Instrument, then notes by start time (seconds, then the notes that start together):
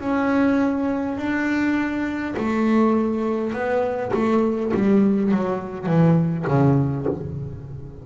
double bass
0.00 C#4
1.17 D4
2.36 A3
3.53 B3
4.13 A3
4.74 G3
5.32 F#3
5.86 E3
6.47 C#3